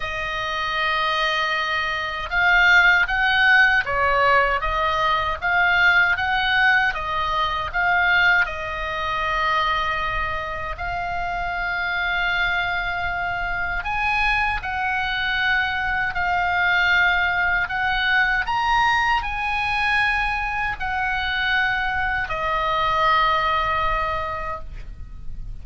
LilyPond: \new Staff \with { instrumentName = "oboe" } { \time 4/4 \tempo 4 = 78 dis''2. f''4 | fis''4 cis''4 dis''4 f''4 | fis''4 dis''4 f''4 dis''4~ | dis''2 f''2~ |
f''2 gis''4 fis''4~ | fis''4 f''2 fis''4 | ais''4 gis''2 fis''4~ | fis''4 dis''2. | }